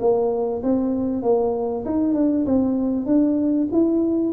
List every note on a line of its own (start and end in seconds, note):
0.00 0.62 A#3
0.62 1.22 C4
1.22 1.84 A#3
1.85 2.14 D#4
2.14 2.45 D4
2.45 3.06 C4
3.06 3.68 D4
3.72 4.33 E4